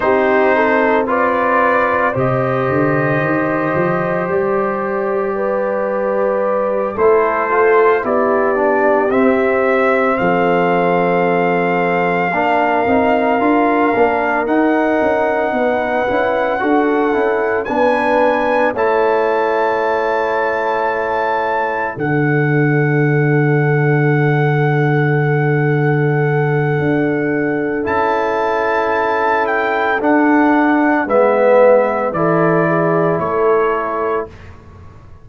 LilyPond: <<
  \new Staff \with { instrumentName = "trumpet" } { \time 4/4 \tempo 4 = 56 c''4 d''4 dis''2 | d''2~ d''8 c''4 d''8~ | d''8 e''4 f''2~ f''8~ | f''4. fis''2~ fis''8~ |
fis''8 gis''4 a''2~ a''8~ | a''8 fis''2.~ fis''8~ | fis''2 a''4. g''8 | fis''4 e''4 d''4 cis''4 | }
  \new Staff \with { instrumentName = "horn" } { \time 4/4 g'8 a'8 b'4 c''2~ | c''4 b'4. a'4 g'8~ | g'4. a'2 ais'8~ | ais'2~ ais'8 b'4 a'8~ |
a'8 b'4 cis''2~ cis''8~ | cis''8 a'2.~ a'8~ | a'1~ | a'4 b'4 a'8 gis'8 a'4 | }
  \new Staff \with { instrumentName = "trombone" } { \time 4/4 dis'4 f'4 g'2~ | g'2~ g'8 e'8 f'8 e'8 | d'8 c'2. d'8 | dis'8 f'8 d'8 dis'4. e'8 fis'8 |
e'8 d'4 e'2~ e'8~ | e'8 d'2.~ d'8~ | d'2 e'2 | d'4 b4 e'2 | }
  \new Staff \with { instrumentName = "tuba" } { \time 4/4 c'2 c8 d8 dis8 f8 | g2~ g8 a4 b8~ | b8 c'4 f2 ais8 | c'8 d'8 ais8 dis'8 cis'8 b8 cis'8 d'8 |
cis'8 b4 a2~ a8~ | a8 d2.~ d8~ | d4 d'4 cis'2 | d'4 gis4 e4 a4 | }
>>